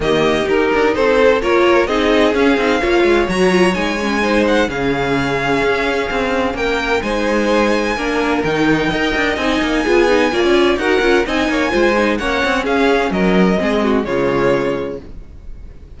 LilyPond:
<<
  \new Staff \with { instrumentName = "violin" } { \time 4/4 \tempo 4 = 128 dis''4 ais'4 c''4 cis''4 | dis''4 f''2 ais''4 | gis''4. fis''8 f''2~ | f''2 g''4 gis''4~ |
gis''2 g''2 | gis''2. fis''4 | gis''2 fis''4 f''4 | dis''2 cis''2 | }
  \new Staff \with { instrumentName = "violin" } { \time 4/4 g'2 a'4 ais'4 | gis'2 cis''2~ | cis''4 c''4 gis'2~ | gis'2 ais'4 c''4~ |
c''4 ais'2 dis''4~ | dis''4 gis'4 d''4 ais'4 | dis''8 cis''8 c''4 cis''4 gis'4 | ais'4 gis'8 fis'8 f'2 | }
  \new Staff \with { instrumentName = "viola" } { \time 4/4 ais4 dis'2 f'4 | dis'4 cis'8 dis'8 f'4 fis'8 f'8 | dis'8 cis'8 dis'4 cis'2~ | cis'2. dis'4~ |
dis'4 d'4 dis'4 ais'4 | dis'4 f'8 dis'8 f'4 fis'8 f'8 | dis'4 f'8 dis'8 cis'2~ | cis'4 c'4 gis2 | }
  \new Staff \with { instrumentName = "cello" } { \time 4/4 dis4 dis'8 d'8 c'4 ais4 | c'4 cis'8 c'8 ais8 gis8 fis4 | gis2 cis2 | cis'4 c'4 ais4 gis4~ |
gis4 ais4 dis4 dis'8 d'8 | c'8 ais8 b4 ais16 cis'8. dis'8 cis'8 | c'8 ais8 gis4 ais8 c'8 cis'4 | fis4 gis4 cis2 | }
>>